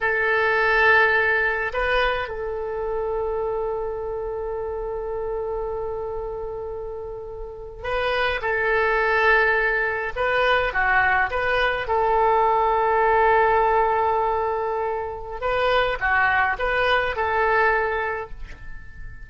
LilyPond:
\new Staff \with { instrumentName = "oboe" } { \time 4/4 \tempo 4 = 105 a'2. b'4 | a'1~ | a'1~ | a'4.~ a'16 b'4 a'4~ a'16~ |
a'4.~ a'16 b'4 fis'4 b'16~ | b'8. a'2.~ a'16~ | a'2. b'4 | fis'4 b'4 a'2 | }